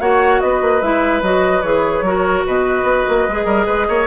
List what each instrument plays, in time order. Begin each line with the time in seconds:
0.00 bassoon A#3, clarinet F#4, oboe C#5, flute F#5
0.40 bassoon B3, oboe B4, flute D#5
0.61 bassoon A#3
0.81 bassoon G#3, clarinet E4, flute E5
1.22 bassoon F#3, clarinet F#4, flute D#5
1.62 bassoon E3, clarinet G#4, flute C#5
2.01 bassoon F#3, clarinet F#4, oboe A#4
2.46 bassoon B2, oboe B4, flute D#5
2.83 bassoon B3
3.08 bassoon A#3
3.27 bassoon G#3, clarinet G#4
3.45 bassoon G3, oboe A#4
3.66 bassoon G#3, oboe B4
3.88 bassoon A#3, oboe C#5